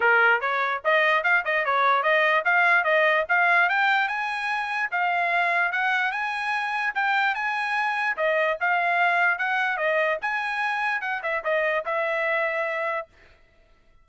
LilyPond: \new Staff \with { instrumentName = "trumpet" } { \time 4/4 \tempo 4 = 147 ais'4 cis''4 dis''4 f''8 dis''8 | cis''4 dis''4 f''4 dis''4 | f''4 g''4 gis''2 | f''2 fis''4 gis''4~ |
gis''4 g''4 gis''2 | dis''4 f''2 fis''4 | dis''4 gis''2 fis''8 e''8 | dis''4 e''2. | }